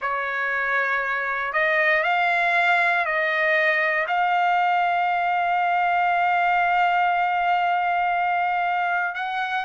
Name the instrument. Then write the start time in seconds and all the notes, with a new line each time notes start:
trumpet
0.00 C#5
1.53 D#5
2.03 F5
3.05 D#5
4.07 F5
9.14 F#5